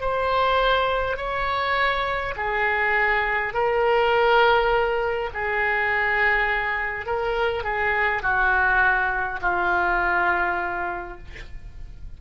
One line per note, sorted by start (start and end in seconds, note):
0.00 1.17 C5
1.17 2.34 C#5
2.36 3.53 G#4
3.53 5.29 A#4
5.33 7.05 G#4
7.05 7.63 A#4
7.63 8.22 G#4
8.22 9.40 F#4
9.41 11.18 F4